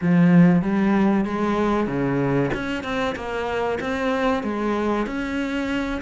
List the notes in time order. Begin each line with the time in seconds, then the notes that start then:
0.01 F3
0.62 G3
1.25 G#3
1.87 C#3
2.54 C#4
2.83 C4
3.15 A#3
3.80 C4
4.43 G#3
5.06 C#4